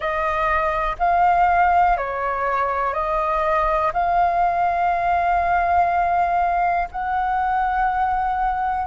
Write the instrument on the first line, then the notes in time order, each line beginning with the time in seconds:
flute
0.00 D#5
0.98 F5
1.97 C#5
2.93 D#5
3.93 F5
6.91 F#5